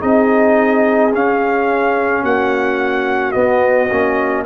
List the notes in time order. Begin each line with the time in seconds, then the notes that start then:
0.00 C4 D#4 G#4 D#5
1.13 C#4 F5
2.23 A#3 F#4 F#5
3.32 B3 D#5
3.91 A#3 C#4